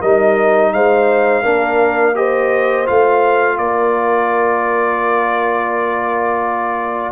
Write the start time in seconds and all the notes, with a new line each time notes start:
0.00 G3 D#4 A#4 D#5
0.74 G#3 C5 F5
1.43 A#3 D4 A#4
2.15 G4 C5 D#5
2.86 A3 F4 F5
3.58 A#3 A#4 D5